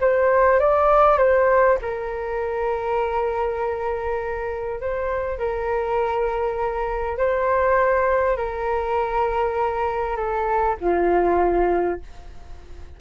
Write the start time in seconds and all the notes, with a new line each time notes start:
0.00 C5
0.59 D5
1.18 C5
1.81 A#4
4.80 C5
5.38 A#4
7.17 C5
8.36 A#4
10.16 A4
10.80 F4